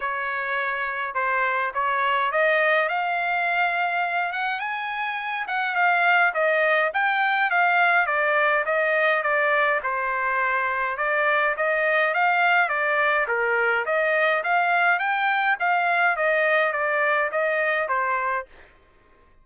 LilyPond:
\new Staff \with { instrumentName = "trumpet" } { \time 4/4 \tempo 4 = 104 cis''2 c''4 cis''4 | dis''4 f''2~ f''8 fis''8 | gis''4. fis''8 f''4 dis''4 | g''4 f''4 d''4 dis''4 |
d''4 c''2 d''4 | dis''4 f''4 d''4 ais'4 | dis''4 f''4 g''4 f''4 | dis''4 d''4 dis''4 c''4 | }